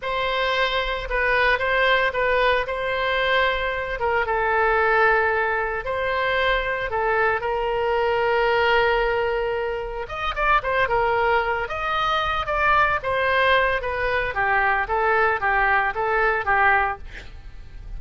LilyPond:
\new Staff \with { instrumentName = "oboe" } { \time 4/4 \tempo 4 = 113 c''2 b'4 c''4 | b'4 c''2~ c''8 ais'8 | a'2. c''4~ | c''4 a'4 ais'2~ |
ais'2. dis''8 d''8 | c''8 ais'4. dis''4. d''8~ | d''8 c''4. b'4 g'4 | a'4 g'4 a'4 g'4 | }